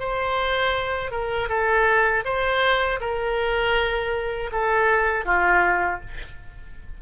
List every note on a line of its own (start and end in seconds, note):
0.00 1.11 C5
1.11 1.49 A#4
1.49 2.24 A4
2.25 3.00 C5
3.01 4.51 A#4
4.52 5.26 A4
5.26 6.01 F4